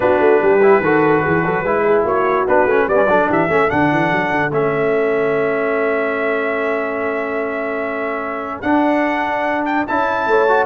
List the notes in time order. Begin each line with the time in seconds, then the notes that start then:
0.00 B3 D4 F#4 B4
0.19 A3
0.42 G3 G4
0.62 E4
0.80 D#3 F#4 A4
1.23 E3 G#4
1.44 F#3 A4
1.62 G#3 E4 B4
1.84 G#4
2.04 A#3 F#4 C#5
2.47 B3 D4 B4
2.65 A3 C#4
2.87 G3 B3 B4 D5
2.94 C#4
3.07 F#3 D4 A4
3.29 E3 G4 E5
3.48 A3 C#4 A4
3.68 D3 D4 F#5
3.91 E3
4.12 F#3
4.30 D3
4.50 A3 C#4 E5
8.61 D4 F#5
9.65 G5
9.87 C#4 E4 A5
10.26 A3 C#5
10.48 F#4